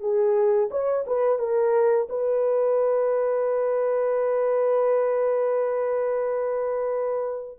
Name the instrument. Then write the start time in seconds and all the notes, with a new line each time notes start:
horn
0.00 G#4
0.71 C#5
1.06 B4
1.39 A#4
2.09 B4